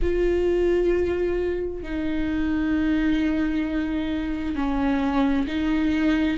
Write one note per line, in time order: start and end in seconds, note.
0.02 1.82 F4
1.82 4.55 D#4
4.55 5.46 C#4
5.47 6.37 D#4